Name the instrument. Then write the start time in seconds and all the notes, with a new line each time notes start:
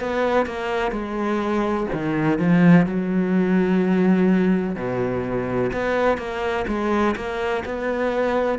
cello
0.00 B3
0.45 A#3
0.91 G#3
1.92 D#3
2.39 F3
2.86 F#3
4.75 B2
5.72 B3
6.17 A#3
6.67 G#3
7.16 A#3
7.65 B3